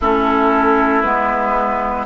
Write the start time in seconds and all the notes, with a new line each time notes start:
0.00 A3 C#4 E4 A4
1.01 G#3 B3 B4